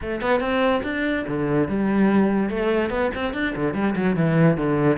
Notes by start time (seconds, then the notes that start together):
0.01 A3
0.21 B3
0.40 C4
0.83 D4
1.27 D3
1.68 G3
2.49 A3
2.90 B3
3.14 C4
3.33 D4
3.55 D3
3.74 G3
3.95 F#3
4.16 E3
4.57 D3